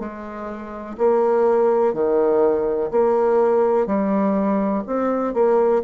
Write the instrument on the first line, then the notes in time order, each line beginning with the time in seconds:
bassoon
0.00 G#3
0.98 A#3
1.94 D#3
2.92 A#3
3.87 G3
4.87 C4
5.34 A#3